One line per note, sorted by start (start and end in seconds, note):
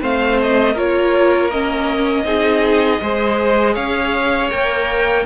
0.00 0.75 A3
0.00 0.75 C4
0.00 0.73 C5
0.00 0.41 F5
0.42 0.78 D#5
0.73 2.25 A#3
0.73 1.51 F4
0.73 2.23 A#4
0.73 1.51 C#5
1.51 2.25 C#4
1.51 3.75 D#5
2.25 3.00 C4
2.25 3.00 D#4
2.25 3.01 G#4
3.02 3.77 G#3
3.02 4.50 G#4
3.02 3.74 C5
3.74 4.52 C#4
3.74 5.24 C#5
3.74 4.50 F5
4.50 5.26 A#3
4.50 5.25 A#4
4.50 5.26 G5